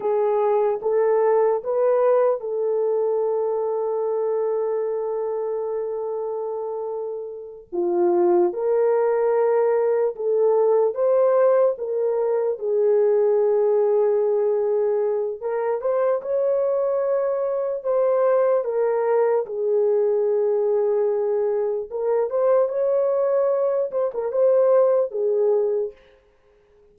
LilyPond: \new Staff \with { instrumentName = "horn" } { \time 4/4 \tempo 4 = 74 gis'4 a'4 b'4 a'4~ | a'1~ | a'4. f'4 ais'4.~ | ais'8 a'4 c''4 ais'4 gis'8~ |
gis'2. ais'8 c''8 | cis''2 c''4 ais'4 | gis'2. ais'8 c''8 | cis''4. c''16 ais'16 c''4 gis'4 | }